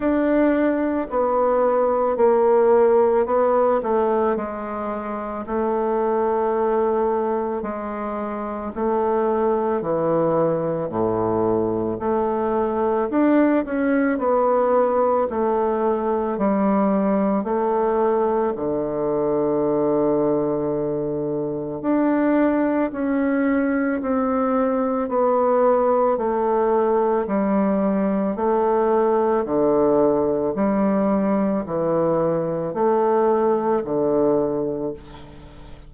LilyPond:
\new Staff \with { instrumentName = "bassoon" } { \time 4/4 \tempo 4 = 55 d'4 b4 ais4 b8 a8 | gis4 a2 gis4 | a4 e4 a,4 a4 | d'8 cis'8 b4 a4 g4 |
a4 d2. | d'4 cis'4 c'4 b4 | a4 g4 a4 d4 | g4 e4 a4 d4 | }